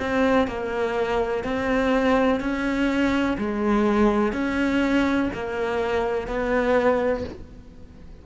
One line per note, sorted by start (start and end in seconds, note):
0.00 0.48 C4
0.48 1.44 A#3
1.44 2.41 C4
2.41 3.37 C#4
3.38 4.33 G#3
4.33 5.30 C#4
5.34 6.28 A#3
6.28 7.24 B3